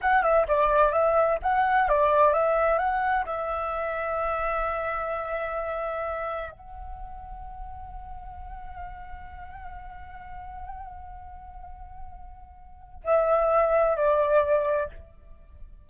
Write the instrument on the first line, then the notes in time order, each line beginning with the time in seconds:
flute
0.01 F#5
0.22 E5
0.48 D5
0.92 E5
1.42 F#5
1.88 D5
2.33 E5
2.78 F#5
3.25 E5
6.51 F#5
13.04 E5
13.96 D5